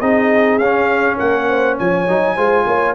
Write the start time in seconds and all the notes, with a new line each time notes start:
0.00 C4 D#4 G#4 D#5
0.58 C#4 F5
1.17 A#3 A#4 F#5
1.48 C5
1.78 F3 C#5 G#5
2.07 F#3 D#4
2.35 G#3 F4 C5
2.66 A#3 C#5